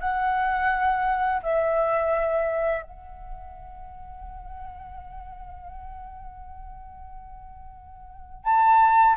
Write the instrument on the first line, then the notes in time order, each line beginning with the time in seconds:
flute
0.00 F#5
1.42 E5
2.82 F#5
8.44 A5